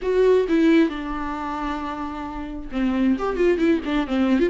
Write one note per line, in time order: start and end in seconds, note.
0.02 0.47 F#4
0.48 0.89 E4
0.89 2.69 D4
2.71 3.16 C4
3.18 3.36 G4
3.36 3.58 F4
3.58 3.80 E4
3.85 4.07 D4
4.07 4.39 C4
4.39 4.49 F4